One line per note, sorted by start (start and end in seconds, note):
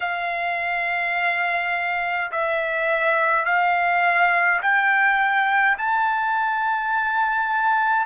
0.00 2.31 F5
2.31 3.45 E5
3.45 4.60 F5
4.62 5.77 G5
5.77 8.06 A5